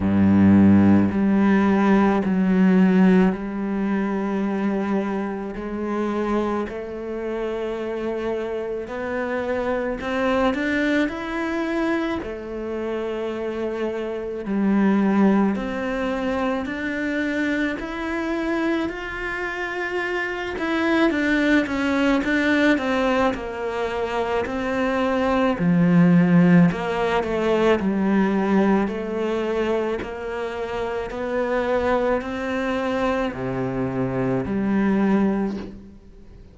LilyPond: \new Staff \with { instrumentName = "cello" } { \time 4/4 \tempo 4 = 54 g,4 g4 fis4 g4~ | g4 gis4 a2 | b4 c'8 d'8 e'4 a4~ | a4 g4 c'4 d'4 |
e'4 f'4. e'8 d'8 cis'8 | d'8 c'8 ais4 c'4 f4 | ais8 a8 g4 a4 ais4 | b4 c'4 c4 g4 | }